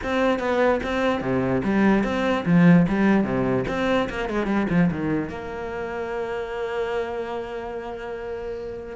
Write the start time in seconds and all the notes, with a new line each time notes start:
0.03 C4
0.39 B3
0.83 C4
1.21 C3
1.63 G3
2.03 C4
2.45 F3
2.87 G3
3.24 C3
3.68 C4
4.09 A#3
4.29 G#3
4.46 G3
4.69 F3
4.91 D#3
5.29 A#3